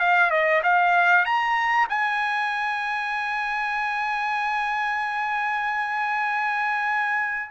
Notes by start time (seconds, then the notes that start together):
0.00 F5
0.31 D#5
0.64 F5
1.26 A#5
1.89 G#5